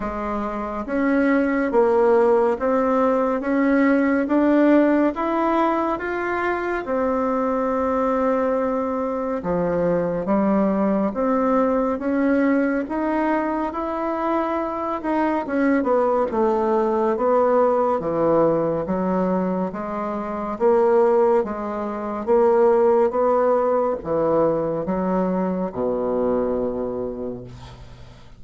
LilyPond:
\new Staff \with { instrumentName = "bassoon" } { \time 4/4 \tempo 4 = 70 gis4 cis'4 ais4 c'4 | cis'4 d'4 e'4 f'4 | c'2. f4 | g4 c'4 cis'4 dis'4 |
e'4. dis'8 cis'8 b8 a4 | b4 e4 fis4 gis4 | ais4 gis4 ais4 b4 | e4 fis4 b,2 | }